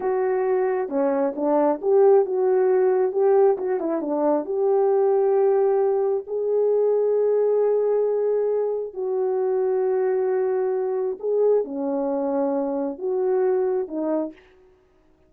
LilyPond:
\new Staff \with { instrumentName = "horn" } { \time 4/4 \tempo 4 = 134 fis'2 cis'4 d'4 | g'4 fis'2 g'4 | fis'8 e'8 d'4 g'2~ | g'2 gis'2~ |
gis'1 | fis'1~ | fis'4 gis'4 cis'2~ | cis'4 fis'2 dis'4 | }